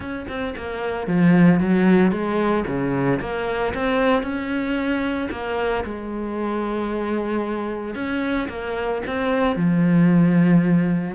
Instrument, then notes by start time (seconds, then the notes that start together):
cello
0.00 C#4
0.28 C4
0.56 A#3
1.07 F3
1.60 F#3
2.11 G#3
2.67 C#3
3.20 A#3
3.73 C4
4.22 C#4
5.30 A#3
5.84 G#3
7.94 C#4
8.48 A#3
9.06 C4
9.56 F3